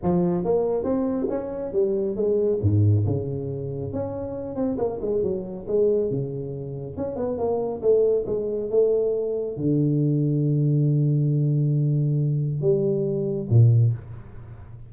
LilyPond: \new Staff \with { instrumentName = "tuba" } { \time 4/4 \tempo 4 = 138 f4 ais4 c'4 cis'4 | g4 gis4 gis,4 cis4~ | cis4 cis'4. c'8 ais8 gis8 | fis4 gis4 cis2 |
cis'8 b8 ais4 a4 gis4 | a2 d2~ | d1~ | d4 g2 ais,4 | }